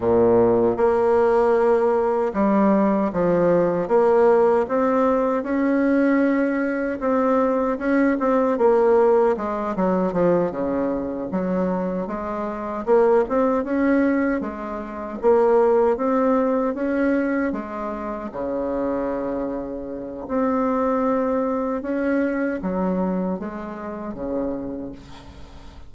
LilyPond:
\new Staff \with { instrumentName = "bassoon" } { \time 4/4 \tempo 4 = 77 ais,4 ais2 g4 | f4 ais4 c'4 cis'4~ | cis'4 c'4 cis'8 c'8 ais4 | gis8 fis8 f8 cis4 fis4 gis8~ |
gis8 ais8 c'8 cis'4 gis4 ais8~ | ais8 c'4 cis'4 gis4 cis8~ | cis2 c'2 | cis'4 fis4 gis4 cis4 | }